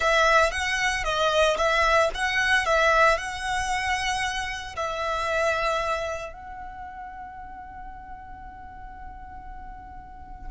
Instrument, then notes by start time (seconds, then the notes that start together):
violin
0.00 E5
0.51 F#5
1.04 D#5
1.57 E5
2.14 F#5
2.65 E5
3.17 F#5
4.76 E5
6.33 F#5